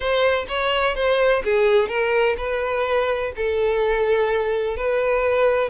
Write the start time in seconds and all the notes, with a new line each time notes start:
0.00 C5
0.48 C#5
0.95 C5
1.44 G#4
1.88 A#4
2.37 B4
3.35 A4
4.76 B4